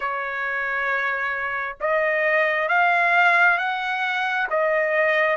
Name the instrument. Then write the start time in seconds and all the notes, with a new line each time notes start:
trumpet
0.00 C#5
1.80 D#5
2.68 F5
3.58 F#5
4.49 D#5